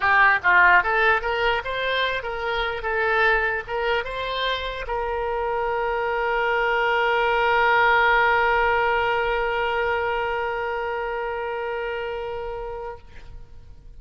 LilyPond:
\new Staff \with { instrumentName = "oboe" } { \time 4/4 \tempo 4 = 148 g'4 f'4 a'4 ais'4 | c''4. ais'4. a'4~ | a'4 ais'4 c''2 | ais'1~ |
ais'1~ | ais'1~ | ais'1~ | ais'1 | }